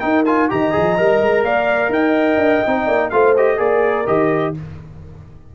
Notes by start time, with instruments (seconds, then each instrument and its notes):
0.00 trombone D#4, tuba D#4, horn A#4, trumpet G5
0.26 trombone F4, trumpet G#5
0.50 tuba D#3, trombone G4, horn D#5, trumpet A#5
0.72 tuba F3, trombone G#4
0.98 tuba G3, trombone A#4
1.22 tuba G#3
1.44 tuba A#3, horn D5, trumpet F5
1.89 tuba D#4, horn D#5, trumpet G5
2.37 tuba D4
2.67 tuba C4, trombone D#4
2.86 tuba A#3, horn D5
3.10 tuba A3, trombone F4, horn C5, trumpet F5
3.37 trombone G4, trumpet D#5
3.58 tuba A#3, trombone G#4, horn A#4, trumpet D5
4.07 tuba D#3, trombone G4, trumpet D#5